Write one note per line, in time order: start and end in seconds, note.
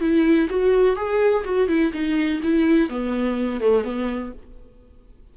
0.00 0.48 E4
0.49 0.96 F#4
0.96 1.44 G#4
1.44 1.68 F#4
1.68 1.92 E4
1.93 2.41 D#4
2.42 2.89 E4
2.89 3.60 B3
3.60 3.84 A3
3.84 4.32 B3